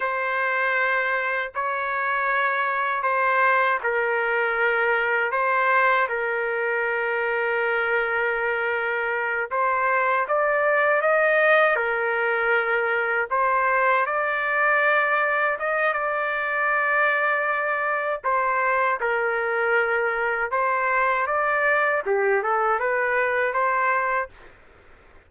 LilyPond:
\new Staff \with { instrumentName = "trumpet" } { \time 4/4 \tempo 4 = 79 c''2 cis''2 | c''4 ais'2 c''4 | ais'1~ | ais'8 c''4 d''4 dis''4 ais'8~ |
ais'4. c''4 d''4.~ | d''8 dis''8 d''2. | c''4 ais'2 c''4 | d''4 g'8 a'8 b'4 c''4 | }